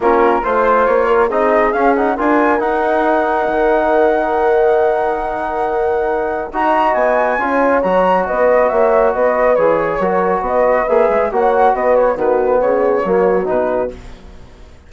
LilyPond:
<<
  \new Staff \with { instrumentName = "flute" } { \time 4/4 \tempo 4 = 138 ais'4 c''4 cis''4 dis''4 | f''8 fis''8 gis''4 fis''2~ | fis''1~ | fis''2. ais''4 |
gis''2 ais''4 dis''4 | e''4 dis''4 cis''2 | dis''4 e''4 fis''4 dis''8 cis''8 | b'4 cis''2 b'4 | }
  \new Staff \with { instrumentName = "horn" } { \time 4/4 f'4 c''4. ais'8 gis'4~ | gis'4 ais'2.~ | ais'1~ | ais'2. dis''4~ |
dis''4 cis''2 b'4 | cis''4 b'2 ais'4 | b'2 cis''4 b'4 | fis'4 gis'4 fis'2 | }
  \new Staff \with { instrumentName = "trombone" } { \time 4/4 cis'4 f'2 dis'4 | cis'8 dis'8 f'4 dis'2~ | dis'1~ | dis'2. fis'4~ |
fis'4 f'4 fis'2~ | fis'2 gis'4 fis'4~ | fis'4 gis'4 fis'2 | b2 ais4 dis'4 | }
  \new Staff \with { instrumentName = "bassoon" } { \time 4/4 ais4 a4 ais4 c'4 | cis'4 d'4 dis'2 | dis1~ | dis2. dis'4 |
b4 cis'4 fis4 b4 | ais4 b4 e4 fis4 | b4 ais8 gis8 ais4 b4 | dis4 cis4 fis4 b,4 | }
>>